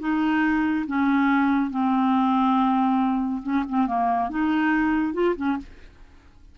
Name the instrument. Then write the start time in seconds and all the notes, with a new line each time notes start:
clarinet
0.00 D#4
0.87 C#4
1.71 C4
3.43 C#4
3.69 C4
3.87 A#3
4.30 D#4
5.14 F4
5.36 C#4